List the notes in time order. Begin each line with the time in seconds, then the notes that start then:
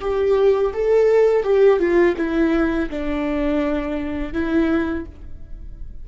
0.00 G4
0.73 A4
1.43 G4
1.79 F4
2.17 E4
2.89 D4
4.33 E4